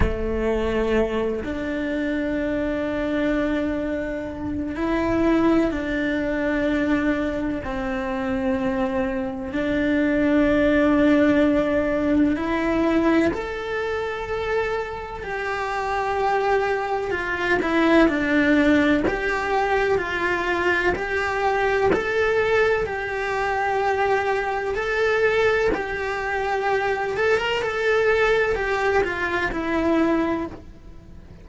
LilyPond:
\new Staff \with { instrumentName = "cello" } { \time 4/4 \tempo 4 = 63 a4. d'2~ d'8~ | d'4 e'4 d'2 | c'2 d'2~ | d'4 e'4 a'2 |
g'2 f'8 e'8 d'4 | g'4 f'4 g'4 a'4 | g'2 a'4 g'4~ | g'8 a'16 ais'16 a'4 g'8 f'8 e'4 | }